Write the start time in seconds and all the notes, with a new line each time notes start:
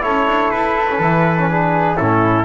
0.00 C#4 E4 A4 C#5
0.27 D4
0.50 E4 B4
0.90 C#4
0.99 E3 E4
1.38 C#4
1.49 D4 G#4
1.96 A2 C#4 E4 A4